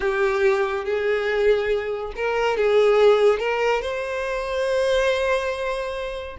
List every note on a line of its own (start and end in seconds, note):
0.00 0.85 G4
0.85 2.12 G#4
2.15 2.57 A#4
2.57 3.39 G#4
3.39 3.81 A#4
3.81 6.36 C5